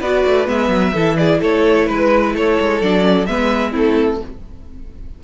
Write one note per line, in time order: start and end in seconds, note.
0.00 0.24 B3
0.00 0.46 F#4
0.00 0.93 B4
0.00 0.47 D5
0.26 0.48 A3
0.46 0.68 G#3
0.46 0.92 B3
0.46 1.17 E5
0.68 0.91 F#3
0.93 1.40 E3
0.93 2.83 E4
0.93 1.16 A4
1.17 1.40 G#4
1.17 1.40 D5
1.40 1.88 A3
1.40 1.86 A4
1.40 1.88 C#5
1.86 2.34 G#3
1.86 2.32 B4
1.86 2.35 B4
2.34 2.58 A3
2.34 3.28 A4
2.34 2.81 C#5
2.60 2.81 G#3
2.81 3.27 F#3
2.81 3.01 D4
2.81 3.26 D5
3.01 3.24 C#4
3.26 3.74 G#3
3.26 3.71 B3
3.26 3.71 B4
3.26 3.72 E5
3.71 4.20 A3
3.71 4.18 C4
3.71 4.18 E4
3.71 4.23 A4